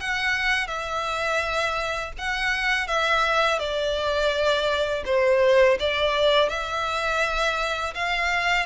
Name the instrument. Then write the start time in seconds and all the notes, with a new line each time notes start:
violin
0.00 F#5
0.67 E5
2.18 F#5
2.87 E5
3.59 D5
5.05 C5
5.79 D5
6.49 E5
7.95 F5